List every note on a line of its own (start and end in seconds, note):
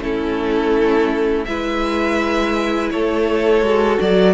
0.00 1.45 A3
0.00 1.47 C#4
0.00 1.48 E4
0.00 1.45 A4
1.45 2.92 G#3
1.45 3.64 E4
1.45 2.93 B4
1.45 2.89 E5
2.91 3.61 A3
2.91 4.33 A4
2.91 3.99 C#5
3.61 3.97 G#3
3.61 4.33 F#4
4.00 4.33 F#3
4.00 4.33 D5